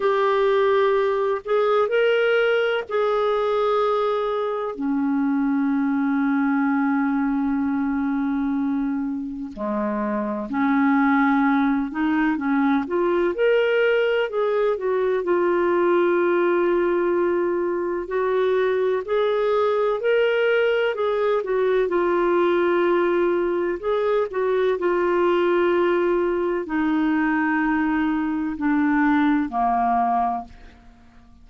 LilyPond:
\new Staff \with { instrumentName = "clarinet" } { \time 4/4 \tempo 4 = 63 g'4. gis'8 ais'4 gis'4~ | gis'4 cis'2.~ | cis'2 gis4 cis'4~ | cis'8 dis'8 cis'8 f'8 ais'4 gis'8 fis'8 |
f'2. fis'4 | gis'4 ais'4 gis'8 fis'8 f'4~ | f'4 gis'8 fis'8 f'2 | dis'2 d'4 ais4 | }